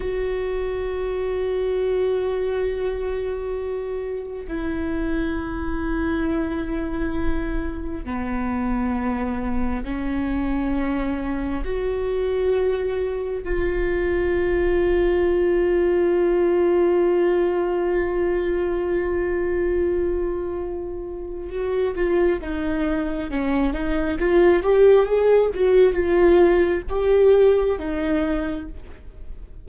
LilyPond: \new Staff \with { instrumentName = "viola" } { \time 4/4 \tempo 4 = 67 fis'1~ | fis'4 e'2.~ | e'4 b2 cis'4~ | cis'4 fis'2 f'4~ |
f'1~ | f'1 | fis'8 f'8 dis'4 cis'8 dis'8 f'8 g'8 | gis'8 fis'8 f'4 g'4 dis'4 | }